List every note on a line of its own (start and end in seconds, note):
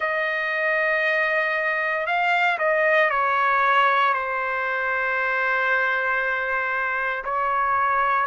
0.00 2.06 D#5
2.06 2.58 F5
2.58 3.10 D#5
3.10 4.13 C#5
4.13 7.24 C5
7.24 8.26 C#5